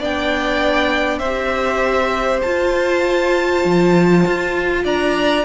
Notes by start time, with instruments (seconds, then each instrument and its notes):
0.00 cello B3, viola D4, violin D5 G5
1.19 cello C4, violin C5 E5
1.26 viola G4
2.42 cello F4, viola F4, violin A5
3.65 cello F3
4.27 cello F4
4.85 cello D4, violin D5 A#5